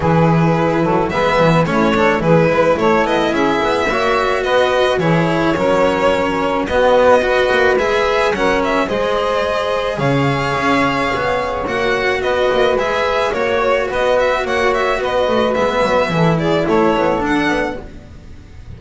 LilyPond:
<<
  \new Staff \with { instrumentName = "violin" } { \time 4/4 \tempo 4 = 108 b'2 e''4 cis''4 | b'4 cis''8 dis''8 e''2 | dis''4 cis''2. | dis''2 e''4 fis''8 e''8 |
dis''2 f''2~ | f''4 fis''4 dis''4 e''4 | cis''4 dis''8 e''8 fis''8 e''8 dis''4 | e''4. d''8 cis''4 fis''4 | }
  \new Staff \with { instrumentName = "saxophone" } { \time 4/4 gis'4. a'8 b'4 e'8 a'8 | gis'8 b'8 a'4 gis'4 cis''4 | b'4 gis'4 ais'2 | fis'4 b'2 ais'4 |
c''2 cis''2~ | cis''2 b'2 | cis''4 b'4 cis''4 b'4~ | b'4 a'8 gis'8 a'2 | }
  \new Staff \with { instrumentName = "cello" } { \time 4/4 e'2 b4 cis'8 d'8 | e'2. fis'4~ | fis'4 e'4 cis'2 | b4 fis'4 gis'4 cis'4 |
gis'1~ | gis'4 fis'2 gis'4 | fis'1 | b4 e'2 d'4 | }
  \new Staff \with { instrumentName = "double bass" } { \time 4/4 e4. fis8 gis8 e8 a4 | e8 gis8 a8 b8 cis'8 b8 ais4 | b4 e4 fis2 | b4. ais8 gis4 fis4 |
gis2 cis4 cis'4 | b4 ais4 b8 ais8 gis4 | ais4 b4 ais4 b8 a8 | gis8 fis8 e4 a8 b8 d'8 b8 | }
>>